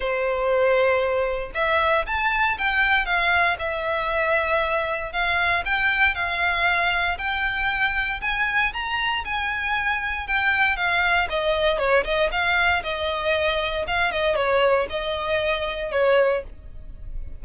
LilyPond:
\new Staff \with { instrumentName = "violin" } { \time 4/4 \tempo 4 = 117 c''2. e''4 | a''4 g''4 f''4 e''4~ | e''2 f''4 g''4 | f''2 g''2 |
gis''4 ais''4 gis''2 | g''4 f''4 dis''4 cis''8 dis''8 | f''4 dis''2 f''8 dis''8 | cis''4 dis''2 cis''4 | }